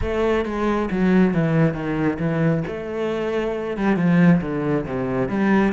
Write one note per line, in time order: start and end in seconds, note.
0.01 0.45 A3
0.45 0.89 G#3
0.90 1.34 F#3
1.34 1.73 E3
1.73 2.18 D#3
2.19 2.63 E3
2.67 3.77 A3
3.77 3.96 G3
3.96 4.40 F3
4.41 4.85 D3
4.86 5.28 C3
5.28 5.72 G3